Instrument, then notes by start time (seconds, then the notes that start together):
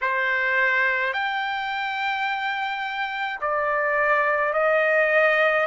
trumpet
0.01 C5
1.13 G5
3.41 D5
4.53 D#5